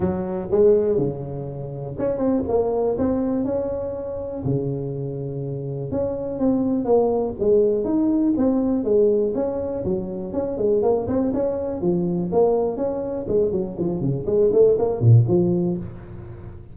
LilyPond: \new Staff \with { instrumentName = "tuba" } { \time 4/4 \tempo 4 = 122 fis4 gis4 cis2 | cis'8 c'8 ais4 c'4 cis'4~ | cis'4 cis2. | cis'4 c'4 ais4 gis4 |
dis'4 c'4 gis4 cis'4 | fis4 cis'8 gis8 ais8 c'8 cis'4 | f4 ais4 cis'4 gis8 fis8 | f8 cis8 gis8 a8 ais8 ais,8 f4 | }